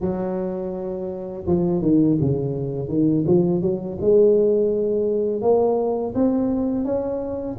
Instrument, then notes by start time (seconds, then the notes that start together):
tuba
0.00 F#3
1.47 F3
1.81 D#3
2.20 C#3
2.88 D#3
3.26 F3
3.61 F#3
4.00 G#3
5.41 A#3
6.14 C4
6.84 C#4